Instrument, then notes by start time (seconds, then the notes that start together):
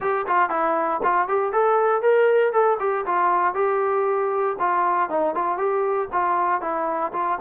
trombone
0.00 G4
0.27 F4
0.49 E4
1.03 F4
1.28 G4
1.52 A4
2.02 A#4
2.52 A4
2.79 G4
3.06 F4
3.54 G4
4.59 F4
5.09 D#4
5.35 F4
5.57 G4
6.12 F4
6.61 E4
7.13 F4